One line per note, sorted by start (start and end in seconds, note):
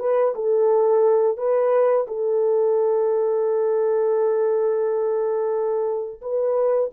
0.00 0.34 B4
0.35 1.38 A4
1.38 2.07 B4
2.08 6.21 A4
6.22 6.91 B4